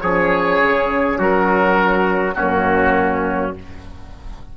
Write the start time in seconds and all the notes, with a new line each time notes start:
0.00 F3 C#4 G#4 C#5
0.62 C#3
1.18 F#3 F#4 A#4
2.34 F#2 A#3 C#4 F#4